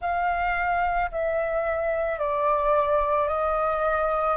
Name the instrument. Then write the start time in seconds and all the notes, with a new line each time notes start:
flute
0.01 F5
1.12 E5
2.18 D5
3.27 D#5